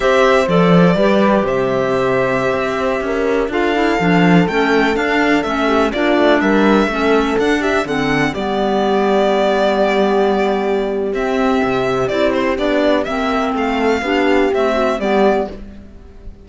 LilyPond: <<
  \new Staff \with { instrumentName = "violin" } { \time 4/4 \tempo 4 = 124 e''4 d''2 e''4~ | e''2.~ e''16 f''8.~ | f''4~ f''16 g''4 f''4 e''8.~ | e''16 d''4 e''2 fis''8 e''16~ |
e''16 fis''4 d''2~ d''8.~ | d''2. e''4~ | e''4 d''8 c''8 d''4 e''4 | f''2 e''4 d''4 | }
  \new Staff \with { instrumentName = "horn" } { \time 4/4 c''2 b'4 c''4~ | c''2~ c''16 ais'4 a'8.~ | a'2.~ a'8. g'16~ | g'16 f'4 ais'4 a'4. g'16~ |
g'16 a'4 g'2~ g'8.~ | g'1~ | g'1 | a'4 g'4. fis'8 g'4 | }
  \new Staff \with { instrumentName = "clarinet" } { \time 4/4 g'4 a'4 g'2~ | g'2.~ g'16 f'8 e'16~ | e'16 d'4 cis'4 d'4 cis'8.~ | cis'16 d'2 cis'4 d'8.~ |
d'16 c'4 b2~ b8.~ | b2. c'4~ | c'4 e'4 d'4 c'4~ | c'4 d'4 a4 b4 | }
  \new Staff \with { instrumentName = "cello" } { \time 4/4 c'4 f4 g4 c4~ | c4~ c16 c'4 cis'4 d'8.~ | d'16 f4 a4 d'4 a8.~ | a16 ais8 a8 g4 a4 d'8.~ |
d'16 d4 g2~ g8.~ | g2. c'4 | c4 c'4 b4 ais4 | a4 b4 c'4 g4 | }
>>